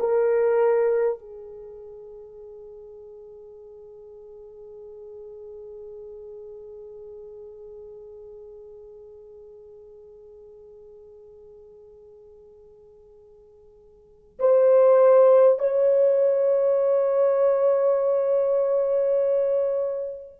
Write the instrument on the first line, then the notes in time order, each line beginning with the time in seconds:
horn
0.00 A#4
1.19 G#4
14.39 C5
15.59 C#5